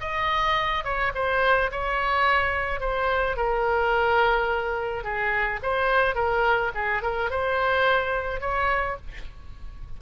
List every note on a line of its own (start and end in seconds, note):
0.00 0.84 D#5
0.84 1.12 C#5
1.14 1.70 C5
1.71 2.80 C#5
2.80 3.36 C5
3.36 5.03 A#4
5.03 5.60 G#4
5.62 6.15 C5
6.15 6.71 A#4
6.74 7.02 G#4
7.02 7.30 A#4
7.30 8.40 C5
8.40 8.96 C#5